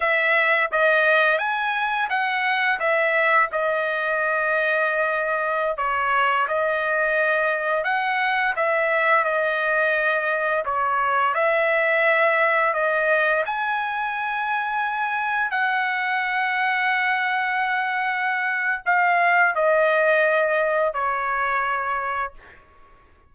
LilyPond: \new Staff \with { instrumentName = "trumpet" } { \time 4/4 \tempo 4 = 86 e''4 dis''4 gis''4 fis''4 | e''4 dis''2.~ | dis''16 cis''4 dis''2 fis''8.~ | fis''16 e''4 dis''2 cis''8.~ |
cis''16 e''2 dis''4 gis''8.~ | gis''2~ gis''16 fis''4.~ fis''16~ | fis''2. f''4 | dis''2 cis''2 | }